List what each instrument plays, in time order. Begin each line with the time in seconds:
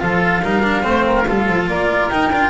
0.00 double bass F3, cello F4, oboe A4, flute F5
0.42 double bass G3, cello D#4, oboe A#4
0.62 cello D4
0.82 double bass A3, cello C4, oboe C5
1.06 oboe A#4
1.28 double bass G3, cello F4, oboe A4
1.48 double bass F3
1.67 double bass A#3, oboe A#4, flute D5
2.09 cello D#4, double bass D#4, flute G5
2.32 double bass D4, cello F4